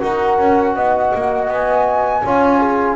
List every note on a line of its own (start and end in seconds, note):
0.00 0.38 D#4
0.00 2.22 F#4
0.00 0.75 A#4
0.00 1.49 F#5
0.38 0.75 C#4
0.75 1.12 B3
0.75 2.23 D#5
1.14 1.48 A#3
1.48 2.23 B3
1.48 2.95 G#5
2.24 2.95 C#4
2.24 2.95 F4
2.24 2.59 C#5
2.59 2.95 G#4